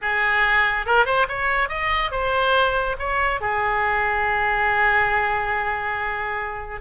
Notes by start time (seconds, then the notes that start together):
0.01 G#4
0.85 A#4
1.05 C5
1.28 C#5
1.68 D#5
2.11 C5
2.99 C#5
3.40 G#4